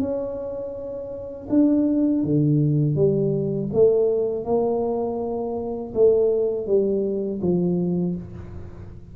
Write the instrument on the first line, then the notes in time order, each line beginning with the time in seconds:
tuba
0.00 C#4
1.50 D4
2.24 D3
2.96 G3
3.73 A3
4.45 A#3
5.95 A3
6.67 G3
7.42 F3